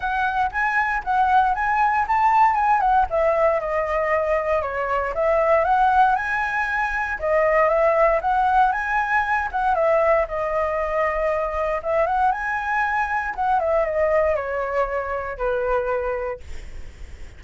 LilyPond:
\new Staff \with { instrumentName = "flute" } { \time 4/4 \tempo 4 = 117 fis''4 gis''4 fis''4 gis''4 | a''4 gis''8 fis''8 e''4 dis''4~ | dis''4 cis''4 e''4 fis''4 | gis''2 dis''4 e''4 |
fis''4 gis''4. fis''8 e''4 | dis''2. e''8 fis''8 | gis''2 fis''8 e''8 dis''4 | cis''2 b'2 | }